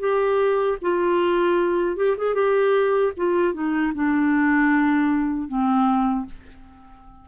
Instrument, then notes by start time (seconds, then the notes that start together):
clarinet
0.00 G4
0.82 F4
1.97 G4
2.17 G#4
2.35 G4
3.17 F4
3.54 D#4
3.95 D4
5.48 C4